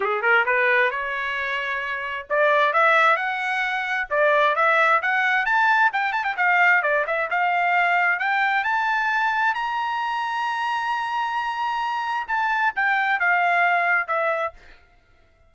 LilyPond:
\new Staff \with { instrumentName = "trumpet" } { \time 4/4 \tempo 4 = 132 gis'8 ais'8 b'4 cis''2~ | cis''4 d''4 e''4 fis''4~ | fis''4 d''4 e''4 fis''4 | a''4 g''8 a''16 g''16 f''4 d''8 e''8 |
f''2 g''4 a''4~ | a''4 ais''2.~ | ais''2. a''4 | g''4 f''2 e''4 | }